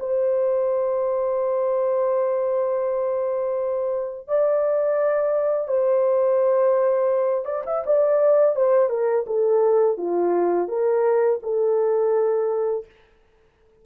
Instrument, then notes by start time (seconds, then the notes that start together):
horn
0.00 C5
4.28 D5
5.68 C5
7.45 D5
7.67 E5
7.87 D5
8.56 C5
8.90 A#4
9.27 A4
9.98 F4
10.69 A#4
11.43 A4